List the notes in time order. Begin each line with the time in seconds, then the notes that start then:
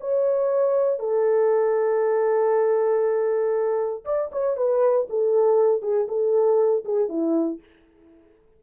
0.00 C#5
0.99 A4
4.04 D5
4.32 C#5
4.56 B4
5.09 A4
5.82 G#4
6.07 A4
6.84 G#4
7.08 E4